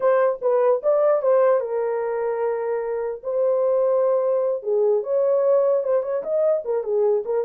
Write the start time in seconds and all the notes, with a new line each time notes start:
0.00 C5
0.41 B4
0.82 D5
1.22 C5
1.60 A#4
3.23 C5
4.63 G#4
5.03 C#5
5.83 C5
6.02 C#5
6.23 D#5
6.64 A#4
6.83 G#4
7.25 A#4